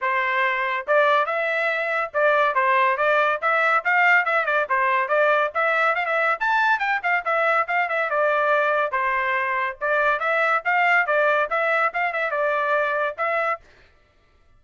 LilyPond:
\new Staff \with { instrumentName = "trumpet" } { \time 4/4 \tempo 4 = 141 c''2 d''4 e''4~ | e''4 d''4 c''4 d''4 | e''4 f''4 e''8 d''8 c''4 | d''4 e''4 f''16 e''8. a''4 |
g''8 f''8 e''4 f''8 e''8 d''4~ | d''4 c''2 d''4 | e''4 f''4 d''4 e''4 | f''8 e''8 d''2 e''4 | }